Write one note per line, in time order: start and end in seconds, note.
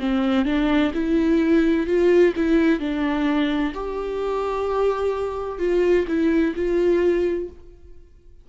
0.00 0.46 C4
0.46 0.92 D4
0.95 1.87 E4
1.87 2.34 F4
2.37 2.80 E4
2.80 3.74 D4
3.75 5.59 G4
5.59 6.06 F4
6.08 6.55 E4
6.56 7.50 F4